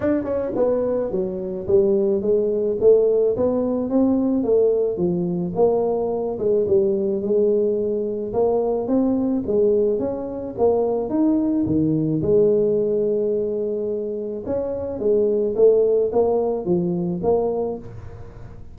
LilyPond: \new Staff \with { instrumentName = "tuba" } { \time 4/4 \tempo 4 = 108 d'8 cis'8 b4 fis4 g4 | gis4 a4 b4 c'4 | a4 f4 ais4. gis8 | g4 gis2 ais4 |
c'4 gis4 cis'4 ais4 | dis'4 dis4 gis2~ | gis2 cis'4 gis4 | a4 ais4 f4 ais4 | }